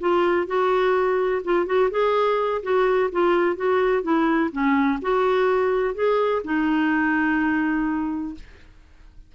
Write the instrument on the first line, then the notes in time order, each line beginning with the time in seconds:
clarinet
0.00 F4
0.47 F#4
1.44 F4
1.66 F#4
1.90 G#4
2.62 F#4
3.11 F4
3.56 F#4
4.02 E4
4.52 C#4
5.02 F#4
5.94 G#4
6.44 D#4